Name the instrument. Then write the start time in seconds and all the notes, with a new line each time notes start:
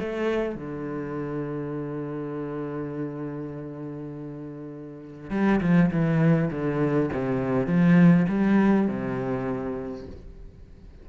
cello
0.00 A3
0.56 D3
5.31 G3
5.61 F3
5.91 E3
6.51 D3
7.13 C3
7.67 F3
8.29 G3
8.88 C3